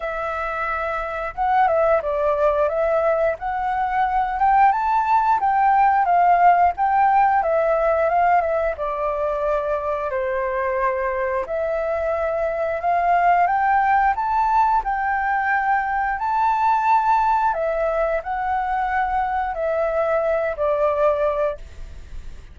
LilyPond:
\new Staff \with { instrumentName = "flute" } { \time 4/4 \tempo 4 = 89 e''2 fis''8 e''8 d''4 | e''4 fis''4. g''8 a''4 | g''4 f''4 g''4 e''4 | f''8 e''8 d''2 c''4~ |
c''4 e''2 f''4 | g''4 a''4 g''2 | a''2 e''4 fis''4~ | fis''4 e''4. d''4. | }